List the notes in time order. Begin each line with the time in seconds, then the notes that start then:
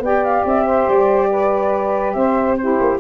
0.00 B3 G4 D5 G5
0.24 F5
0.45 C4 E5
0.66 C5
0.88 G3 D5
1.31 B4
2.13 C4 C5 E5
2.57 E4 G4 C5
2.81 A#3